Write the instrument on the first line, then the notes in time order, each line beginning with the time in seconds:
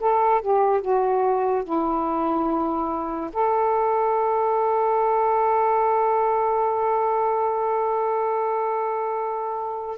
saxophone
0.00 A4
0.42 G4
0.81 F#4
1.64 E4
3.33 A4